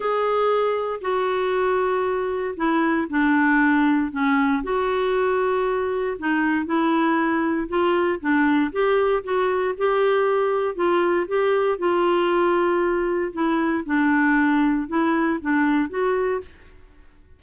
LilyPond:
\new Staff \with { instrumentName = "clarinet" } { \time 4/4 \tempo 4 = 117 gis'2 fis'2~ | fis'4 e'4 d'2 | cis'4 fis'2. | dis'4 e'2 f'4 |
d'4 g'4 fis'4 g'4~ | g'4 f'4 g'4 f'4~ | f'2 e'4 d'4~ | d'4 e'4 d'4 fis'4 | }